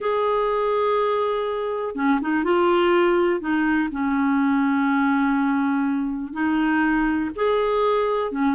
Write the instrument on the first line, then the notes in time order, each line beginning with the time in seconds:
clarinet
0.00 G#4
1.95 C#4
2.21 D#4
2.43 F4
3.40 D#4
3.91 C#4
6.32 D#4
7.35 G#4
8.31 C#4